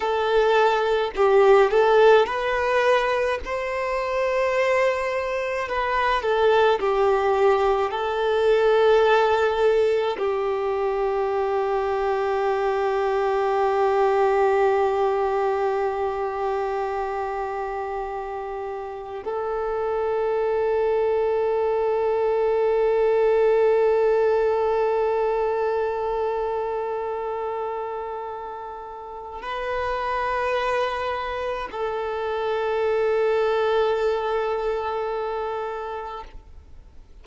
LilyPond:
\new Staff \with { instrumentName = "violin" } { \time 4/4 \tempo 4 = 53 a'4 g'8 a'8 b'4 c''4~ | c''4 b'8 a'8 g'4 a'4~ | a'4 g'2.~ | g'1~ |
g'4 a'2.~ | a'1~ | a'2 b'2 | a'1 | }